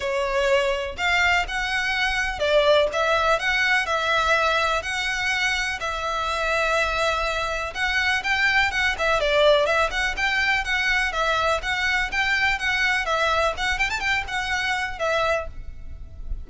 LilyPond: \new Staff \with { instrumentName = "violin" } { \time 4/4 \tempo 4 = 124 cis''2 f''4 fis''4~ | fis''4 d''4 e''4 fis''4 | e''2 fis''2 | e''1 |
fis''4 g''4 fis''8 e''8 d''4 | e''8 fis''8 g''4 fis''4 e''4 | fis''4 g''4 fis''4 e''4 | fis''8 g''16 a''16 g''8 fis''4. e''4 | }